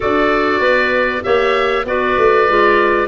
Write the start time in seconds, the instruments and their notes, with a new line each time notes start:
0.00 tuba D4, clarinet F#4 A4, oboe D5
0.59 tuba B3, clarinet B4
1.22 tuba A#3, clarinet G4 C#5, oboe E5
1.85 tuba B3, clarinet F#4 B4, oboe D5
2.17 tuba A3
2.47 tuba G#3, clarinet F4